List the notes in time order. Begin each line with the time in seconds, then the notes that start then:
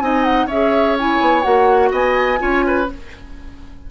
0.00 C4 D#4 D#5 G#5
0.24 F#5
0.46 C#4 G#4 C#5 E5
0.99 E4 G#5
1.20 B3
1.43 A#3 F#4 F#5
1.91 B3 D#5 G#5
2.38 C#4 F4 C#5
2.67 B4